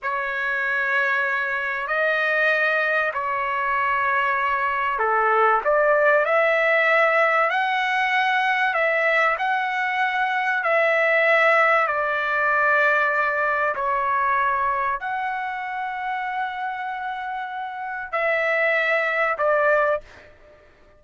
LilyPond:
\new Staff \with { instrumentName = "trumpet" } { \time 4/4 \tempo 4 = 96 cis''2. dis''4~ | dis''4 cis''2. | a'4 d''4 e''2 | fis''2 e''4 fis''4~ |
fis''4 e''2 d''4~ | d''2 cis''2 | fis''1~ | fis''4 e''2 d''4 | }